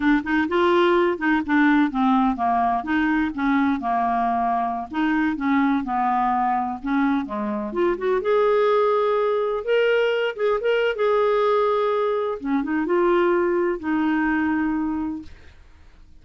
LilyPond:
\new Staff \with { instrumentName = "clarinet" } { \time 4/4 \tempo 4 = 126 d'8 dis'8 f'4. dis'8 d'4 | c'4 ais4 dis'4 cis'4 | ais2~ ais16 dis'4 cis'8.~ | cis'16 b2 cis'4 gis8.~ |
gis16 f'8 fis'8 gis'2~ gis'8.~ | gis'16 ais'4. gis'8 ais'8. gis'4~ | gis'2 cis'8 dis'8 f'4~ | f'4 dis'2. | }